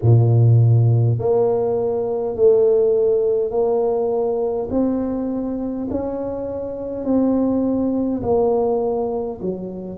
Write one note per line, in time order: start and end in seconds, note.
0.02 1.18 A#2
1.18 2.35 A#3
2.35 3.50 A3
3.50 4.68 A#3
4.70 5.88 C4
5.90 7.04 C#4
7.04 8.21 C4
8.22 9.40 A#3
9.41 9.97 F#3